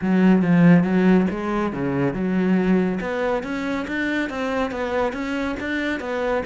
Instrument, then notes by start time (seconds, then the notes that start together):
cello
0.01 F#3
0.42 F3
0.83 F#3
1.30 G#3
1.72 C#3
2.13 F#3
3.00 B3
3.43 C#4
3.87 D4
4.29 C4
4.71 B3
5.12 C#4
5.59 D4
6.00 B3